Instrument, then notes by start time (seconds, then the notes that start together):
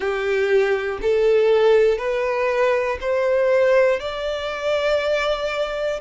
violin
0.00 G4
1.01 A4
1.98 B4
3.00 C5
4.00 D5